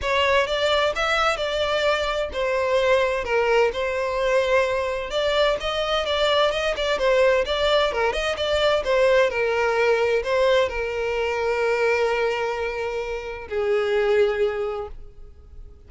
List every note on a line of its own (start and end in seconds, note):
0.01 0.47 C#5
0.47 0.93 D5
0.95 1.36 E5
1.36 2.29 D5
2.32 3.24 C5
3.24 3.71 A#4
3.73 5.10 C5
5.10 5.56 D5
5.60 6.05 D#5
6.05 6.51 D5
6.51 6.74 D#5
6.76 6.98 D5
6.98 7.44 C5
7.45 7.92 D5
7.92 8.12 A#4
8.12 8.36 D#5
8.36 8.83 D5
8.84 9.29 C5
9.29 10.22 A#4
10.23 10.68 C5
10.68 13.48 A#4
13.48 14.88 G#4